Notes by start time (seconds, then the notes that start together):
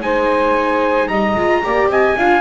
0.00 G#3 D#4 C5 G#5
1.08 G3 D#5 A#5
1.35 G#3 F4
1.63 A#3 G4 D5
1.87 C4 D#5 G#5
2.17 D4 F4 F5